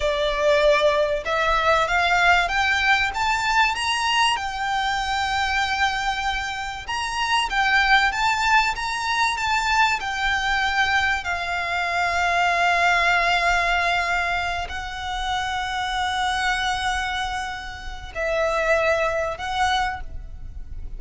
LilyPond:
\new Staff \with { instrumentName = "violin" } { \time 4/4 \tempo 4 = 96 d''2 e''4 f''4 | g''4 a''4 ais''4 g''4~ | g''2. ais''4 | g''4 a''4 ais''4 a''4 |
g''2 f''2~ | f''2.~ f''8 fis''8~ | fis''1~ | fis''4 e''2 fis''4 | }